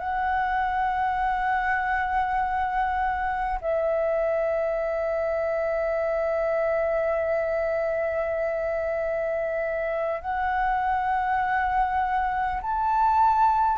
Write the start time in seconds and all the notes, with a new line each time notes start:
0.00 F#5
3.61 E5
10.22 F#5
12.62 A5